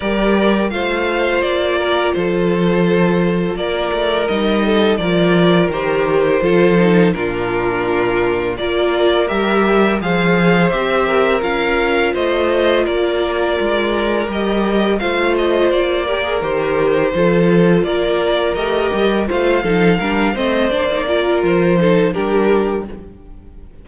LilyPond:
<<
  \new Staff \with { instrumentName = "violin" } { \time 4/4 \tempo 4 = 84 d''4 f''4 d''4 c''4~ | c''4 d''4 dis''4 d''4 | c''2 ais'2 | d''4 e''4 f''4 e''4 |
f''4 dis''4 d''2 | dis''4 f''8 dis''8 d''4 c''4~ | c''4 d''4 dis''4 f''4~ | f''8 dis''8 d''4 c''4 ais'4 | }
  \new Staff \with { instrumentName = "violin" } { \time 4/4 ais'4 c''4. ais'8 a'4~ | a'4 ais'4. a'8 ais'4~ | ais'4 a'4 f'2 | ais'2 c''4. ais'8~ |
ais'4 c''4 ais'2~ | ais'4 c''4. ais'4. | a'4 ais'2 c''8 a'8 | ais'8 c''4 ais'4 a'8 g'4 | }
  \new Staff \with { instrumentName = "viola" } { \time 4/4 g'4 f'2.~ | f'2 dis'4 f'4 | g'4 f'8 dis'8 d'2 | f'4 g'4 gis'4 g'4 |
f'1 | g'4 f'4. g'16 gis'16 g'4 | f'2 g'4 f'8 dis'8 | d'8 c'8 d'16 dis'16 f'4 dis'8 d'4 | }
  \new Staff \with { instrumentName = "cello" } { \time 4/4 g4 a4 ais4 f4~ | f4 ais8 a8 g4 f4 | dis4 f4 ais,2 | ais4 g4 f4 c'4 |
cis'4 a4 ais4 gis4 | g4 a4 ais4 dis4 | f4 ais4 a8 g8 a8 f8 | g8 a8 ais4 f4 g4 | }
>>